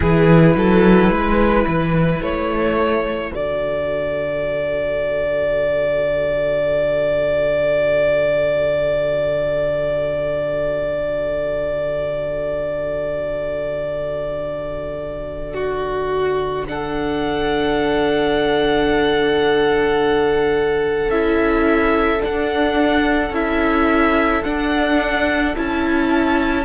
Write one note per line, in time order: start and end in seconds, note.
0.00 0.55 E3
0.00 3.31 E4
0.00 0.54 G#4
0.00 2.22 B4
0.55 1.10 F#3
0.55 1.11 A4
1.10 1.66 G#3
1.10 2.77 B4
1.67 2.20 E3
2.20 3.31 A3
2.20 3.33 C#5
2.77 15.53 A4
3.31 21.08 D3
3.31 16.64 F#4
3.31 16.66 D5
15.53 16.64 F#4
16.66 21.11 D4
16.66 26.65 A4
16.66 21.10 F#5
21.08 22.19 C#4
21.08 22.18 E4
21.08 22.21 E5
22.18 23.29 D4
22.18 23.34 F#5
22.25 23.30 D4
23.30 24.41 C#4
23.30 24.43 E4
23.30 24.43 E5
24.43 25.54 D4
24.43 25.56 D4
24.43 25.54 F#5
25.56 26.65 C#4
25.56 26.65 E4
25.56 26.65 A5